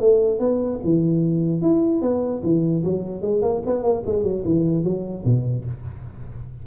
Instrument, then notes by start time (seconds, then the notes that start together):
tuba
0.00 A3
0.39 B3
0.84 E3
1.62 E4
2.02 B3
2.43 E3
2.84 F#3
3.22 G#3
3.42 A#3
3.66 B3
3.83 A#3
4.06 G#3
4.23 F#3
4.45 E3
4.84 F#3
5.25 B2